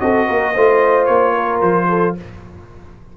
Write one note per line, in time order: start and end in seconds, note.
0.00 0.29 C4
0.00 0.54 F#4
0.00 0.27 A4
0.00 1.05 D#5
0.27 0.55 A#3
0.27 0.54 A#4
0.54 1.09 A3
0.54 2.17 F4
0.54 1.34 C5
1.05 1.62 A#3
1.05 1.59 C#5
1.34 1.87 A#4
1.61 2.15 F3
1.61 2.15 C5
1.89 2.16 A4